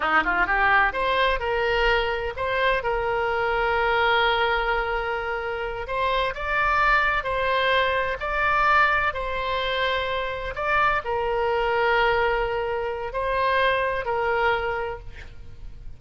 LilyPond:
\new Staff \with { instrumentName = "oboe" } { \time 4/4 \tempo 4 = 128 dis'8 f'8 g'4 c''4 ais'4~ | ais'4 c''4 ais'2~ | ais'1~ | ais'8 c''4 d''2 c''8~ |
c''4. d''2 c''8~ | c''2~ c''8 d''4 ais'8~ | ais'1 | c''2 ais'2 | }